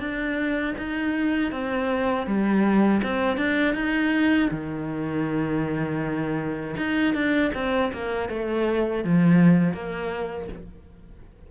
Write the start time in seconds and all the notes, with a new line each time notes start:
0.00 D4
0.78 D#4
1.52 C4
2.27 G3
3.03 C4
3.38 D4
3.75 D#4
4.51 D#3
6.77 D#4
7.14 D4
7.55 C4
7.93 A#3
8.29 A3
9.04 F3
9.74 A#3